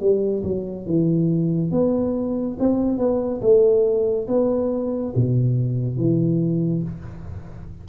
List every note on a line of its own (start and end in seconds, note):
0.00 0.43 G3
0.43 0.86 F#3
0.86 1.71 E3
1.71 2.57 B3
2.59 2.98 C4
2.98 3.41 B3
3.41 4.27 A3
4.28 5.14 B3
5.16 5.97 B2
5.97 6.83 E3